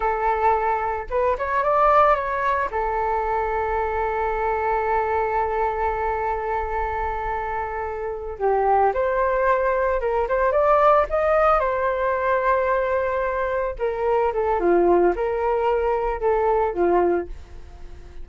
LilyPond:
\new Staff \with { instrumentName = "flute" } { \time 4/4 \tempo 4 = 111 a'2 b'8 cis''8 d''4 | cis''4 a'2.~ | a'1~ | a'2.~ a'8 g'8~ |
g'8 c''2 ais'8 c''8 d''8~ | d''8 dis''4 c''2~ c''8~ | c''4. ais'4 a'8 f'4 | ais'2 a'4 f'4 | }